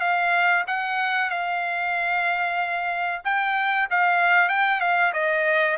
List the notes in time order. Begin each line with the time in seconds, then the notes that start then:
0.00 F5
0.67 F#5
1.30 F5
3.24 G5
3.90 F5
4.49 G5
4.80 F5
5.13 D#5